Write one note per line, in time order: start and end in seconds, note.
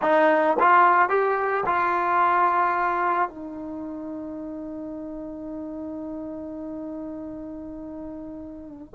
0.02 0.57 D#4
0.59 1.09 F4
1.09 1.64 G4
1.65 3.29 F4
3.29 8.93 D#4